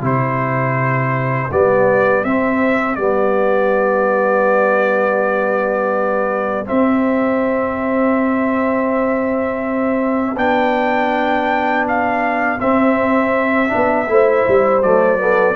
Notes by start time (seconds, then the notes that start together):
0.00 C3 E4 G4 C5
1.52 G3 B3 D5
2.24 C4 E5
2.96 G3 B3 D5
6.66 C4 E5
10.37 B3 D4 G5
11.88 F5
12.60 C4 E5
13.69 D4
13.75 B3
14.08 A3 E4 C5
14.48 G3
14.82 F#3 A3 D5
15.18 B3 A4